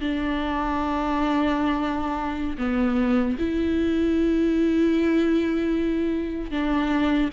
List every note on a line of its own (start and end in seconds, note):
0.00 2.57 D4
2.57 3.36 B3
3.38 6.51 E4
6.51 7.30 D4